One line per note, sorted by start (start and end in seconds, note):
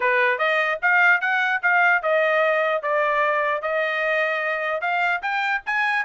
0.00 0.38 B4
0.38 0.78 D#5
0.81 1.20 F5
1.20 1.61 F#5
1.62 2.02 F5
2.02 2.82 D#5
2.82 3.62 D5
3.62 4.81 D#5
4.81 5.21 F5
5.21 5.62 G5
5.66 6.05 G#5